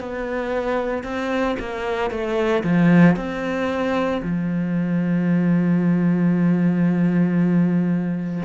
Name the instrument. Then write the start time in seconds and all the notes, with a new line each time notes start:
cello
0.00 B3
1.04 C4
1.60 A#3
2.11 A3
2.64 F3
3.17 C4
4.22 F3